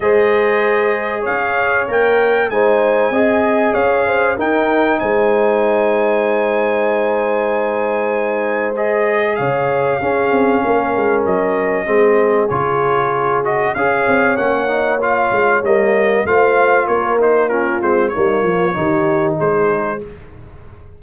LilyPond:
<<
  \new Staff \with { instrumentName = "trumpet" } { \time 4/4 \tempo 4 = 96 dis''2 f''4 g''4 | gis''2 f''4 g''4 | gis''1~ | gis''2 dis''4 f''4~ |
f''2 dis''2 | cis''4. dis''8 f''4 fis''4 | f''4 dis''4 f''4 cis''8 c''8 | ais'8 c''8 cis''2 c''4 | }
  \new Staff \with { instrumentName = "horn" } { \time 4/4 c''2 cis''2 | c''4 dis''4 cis''8 c''8 ais'4 | c''1~ | c''2. cis''4 |
gis'4 ais'2 gis'4~ | gis'2 cis''2~ | cis''2 c''4 ais'4 | f'4 dis'8 f'8 g'4 gis'4 | }
  \new Staff \with { instrumentName = "trombone" } { \time 4/4 gis'2. ais'4 | dis'4 gis'2 dis'4~ | dis'1~ | dis'2 gis'2 |
cis'2. c'4 | f'4. fis'8 gis'4 cis'8 dis'8 | f'4 ais4 f'4. dis'8 | cis'8 c'8 ais4 dis'2 | }
  \new Staff \with { instrumentName = "tuba" } { \time 4/4 gis2 cis'4 ais4 | gis4 c'4 cis'4 dis'4 | gis1~ | gis2. cis4 |
cis'8 c'8 ais8 gis8 fis4 gis4 | cis2 cis'8 c'8 ais4~ | ais8 gis8 g4 a4 ais4~ | ais8 gis8 g8 f8 dis4 gis4 | }
>>